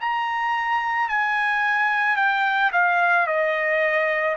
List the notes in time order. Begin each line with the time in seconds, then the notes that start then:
0.00 A#5
1.08 G#5
2.16 G5
2.72 F5
3.26 D#5